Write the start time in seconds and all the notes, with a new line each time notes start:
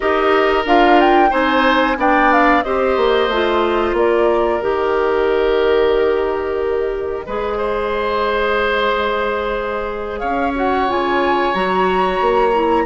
0.00 D#4 G4 A#4 D#5
0.65 D4 F4 F5
0.99 G5
1.29 C4 D#4 C5 G#5
1.96 B3 D4 D5 G5
2.33 F5
2.63 C4 G4 C5 D#5
2.97 A#3
3.28 A3 F4
3.92 A#3 D5
3.98 A#4
4.61 D#3 G4 D#5
7.26 G#3 G#4 B4
7.57 C5
10.18 C#4 C#5 F5
10.55 F#4 F#5
10.88 C#3 F4 G#5
11.53 F#3 F#4 A#5
12.20 A#3
12.53 E4